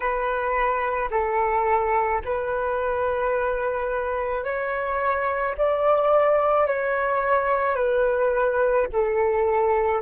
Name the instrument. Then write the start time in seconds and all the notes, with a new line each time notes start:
flute
0.00 B4
1.11 A4
2.25 B4
4.43 C#5
5.57 D5
6.66 C#5
7.75 B4
8.92 A4